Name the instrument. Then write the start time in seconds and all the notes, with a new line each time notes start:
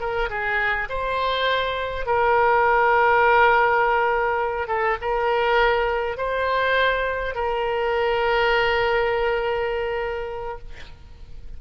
oboe
0.00 A#4
0.30 G#4
0.89 C5
2.06 A#4
4.68 A4
5.02 A#4
6.17 C5
7.35 A#4